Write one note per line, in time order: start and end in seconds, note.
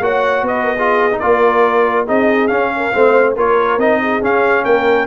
0.00 0.42 A#3
0.00 0.77 F#4
0.00 0.44 C#5
0.00 0.46 F#5
0.42 1.18 B3
0.42 0.64 B4
0.42 1.19 D#5
0.64 0.75 A#4
0.76 1.11 F4
0.76 1.19 G#4
1.11 1.21 D#4
1.19 2.09 A#3
1.19 2.06 F4
1.19 2.05 A#4
1.19 2.05 D5
2.05 2.50 C4
2.05 2.49 D#4
2.05 2.70 G#4
2.05 2.47 D#5
2.47 2.92 C#4
2.47 2.93 C#4
2.47 3.33 F5
2.76 2.94 A#4
2.92 3.36 A3
2.92 3.36 C4
2.92 3.35 C5
3.35 3.77 A#3
3.35 3.79 F4
3.35 4.00 A#4
3.35 3.79 C#5
3.77 4.20 C4
3.77 4.21 D#4
3.77 4.22 D#5
4.01 4.64 G#4
4.21 4.64 C#4
4.21 5.07 C#4
4.21 4.64 F5
4.64 5.07 A#3
4.64 5.07 A#4
4.64 5.07 G5